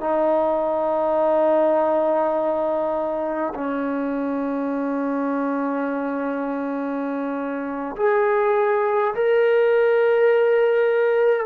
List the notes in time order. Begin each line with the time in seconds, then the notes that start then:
0.00 D#4
3.54 C#4
7.96 G#4
9.14 A#4